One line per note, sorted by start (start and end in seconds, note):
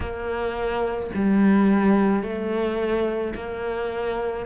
0.00 1.10 A#3
1.15 2.22 G3
2.22 3.33 A3
3.35 4.45 A#3